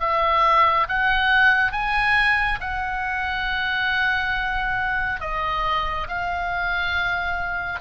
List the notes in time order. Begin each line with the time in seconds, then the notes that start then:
0.00 E5
0.88 F#5
1.72 G#5
2.60 F#5
5.20 D#5
6.08 F5